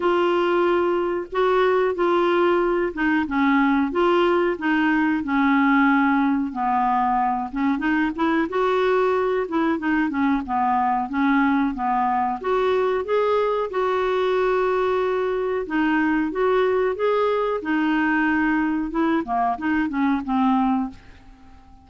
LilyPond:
\new Staff \with { instrumentName = "clarinet" } { \time 4/4 \tempo 4 = 92 f'2 fis'4 f'4~ | f'8 dis'8 cis'4 f'4 dis'4 | cis'2 b4. cis'8 | dis'8 e'8 fis'4. e'8 dis'8 cis'8 |
b4 cis'4 b4 fis'4 | gis'4 fis'2. | dis'4 fis'4 gis'4 dis'4~ | dis'4 e'8 ais8 dis'8 cis'8 c'4 | }